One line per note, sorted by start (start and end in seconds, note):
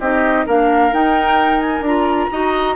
0.00 0.46 C4
0.00 0.47 D#4
0.00 0.46 G4
0.00 0.47 D#5
0.46 0.93 A#3
0.46 0.93 D4
0.46 2.31 A#4
0.46 0.94 F5
0.93 1.85 D#4
0.93 1.81 D#4
0.93 1.60 G5
1.60 1.83 G#5
1.81 2.27 D4
1.81 2.32 F4
1.81 2.76 A#5
2.32 2.76 D#4
2.32 2.76 F#4
2.32 2.76 D#5